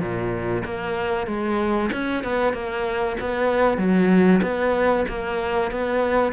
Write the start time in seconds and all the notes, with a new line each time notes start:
0.00 A#2
0.65 A#3
1.27 G#3
1.93 C#4
2.24 B3
2.53 A#3
3.21 B3
3.78 F#3
4.42 B3
5.09 A#3
5.71 B3